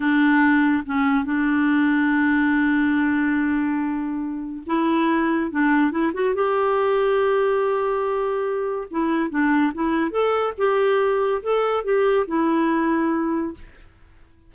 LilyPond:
\new Staff \with { instrumentName = "clarinet" } { \time 4/4 \tempo 4 = 142 d'2 cis'4 d'4~ | d'1~ | d'2. e'4~ | e'4 d'4 e'8 fis'8 g'4~ |
g'1~ | g'4 e'4 d'4 e'4 | a'4 g'2 a'4 | g'4 e'2. | }